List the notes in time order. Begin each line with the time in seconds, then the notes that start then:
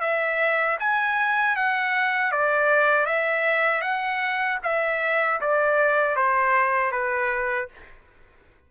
0.00 E5
0.79 G#5
1.56 F#5
2.31 D5
3.06 E5
3.81 F#5
4.63 E5
5.41 D5
6.16 C5
6.91 B4